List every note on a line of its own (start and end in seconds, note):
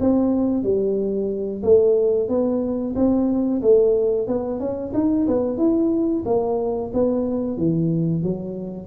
0.00 0.63 C4
0.63 1.62 G3
1.63 2.28 A3
2.28 2.94 B3
2.95 3.61 C4
3.62 4.27 A3
4.27 4.60 B3
4.60 4.93 C#4
4.94 5.27 D#4
5.27 5.57 B3
5.57 6.23 E4
6.25 6.91 A#3
6.93 7.57 B3
7.57 8.23 E3
8.23 8.87 F#3